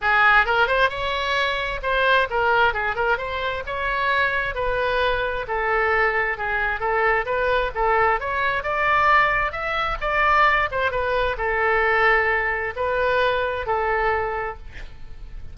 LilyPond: \new Staff \with { instrumentName = "oboe" } { \time 4/4 \tempo 4 = 132 gis'4 ais'8 c''8 cis''2 | c''4 ais'4 gis'8 ais'8 c''4 | cis''2 b'2 | a'2 gis'4 a'4 |
b'4 a'4 cis''4 d''4~ | d''4 e''4 d''4. c''8 | b'4 a'2. | b'2 a'2 | }